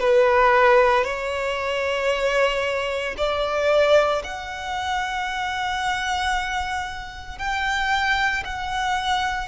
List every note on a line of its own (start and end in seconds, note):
0.00 1.04 B4
1.04 3.15 C#5
3.18 4.23 D5
4.24 7.39 F#5
7.39 8.44 G5
8.44 9.48 F#5